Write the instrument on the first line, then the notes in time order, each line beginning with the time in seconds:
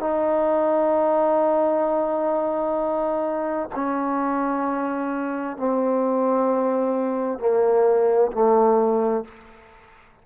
trombone
0.00 D#4
3.76 C#4
5.58 C4
7.39 A#3
8.32 A3